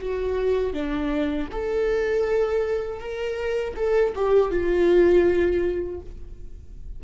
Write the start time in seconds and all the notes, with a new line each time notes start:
0.00 F#4
0.73 D4
1.52 A4
3.00 A#4
3.76 A4
4.15 G4
4.51 F4